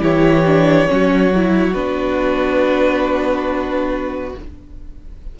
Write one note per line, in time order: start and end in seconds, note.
0.00 0.88 E3
0.00 0.43 E4
0.00 0.89 G4
0.00 1.74 C#5
0.46 0.88 D4
0.88 1.74 F#3
0.88 1.31 C#4
0.88 4.40 F#4
1.36 1.75 E4
1.74 4.35 B3
1.74 4.36 D4
1.74 4.35 B4